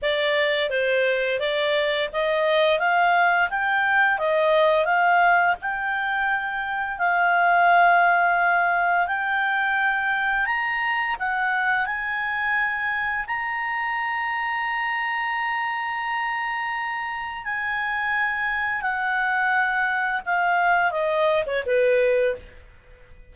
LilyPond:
\new Staff \with { instrumentName = "clarinet" } { \time 4/4 \tempo 4 = 86 d''4 c''4 d''4 dis''4 | f''4 g''4 dis''4 f''4 | g''2 f''2~ | f''4 g''2 ais''4 |
fis''4 gis''2 ais''4~ | ais''1~ | ais''4 gis''2 fis''4~ | fis''4 f''4 dis''8. cis''16 b'4 | }